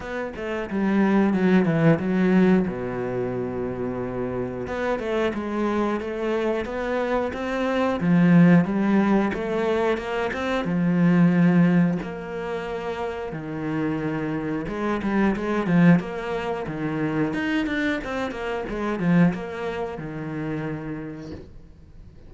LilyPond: \new Staff \with { instrumentName = "cello" } { \time 4/4 \tempo 4 = 90 b8 a8 g4 fis8 e8 fis4 | b,2. b8 a8 | gis4 a4 b4 c'4 | f4 g4 a4 ais8 c'8 |
f2 ais2 | dis2 gis8 g8 gis8 f8 | ais4 dis4 dis'8 d'8 c'8 ais8 | gis8 f8 ais4 dis2 | }